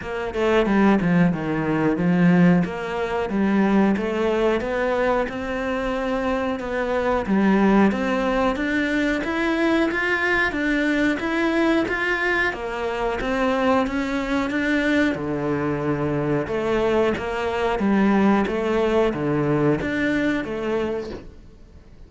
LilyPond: \new Staff \with { instrumentName = "cello" } { \time 4/4 \tempo 4 = 91 ais8 a8 g8 f8 dis4 f4 | ais4 g4 a4 b4 | c'2 b4 g4 | c'4 d'4 e'4 f'4 |
d'4 e'4 f'4 ais4 | c'4 cis'4 d'4 d4~ | d4 a4 ais4 g4 | a4 d4 d'4 a4 | }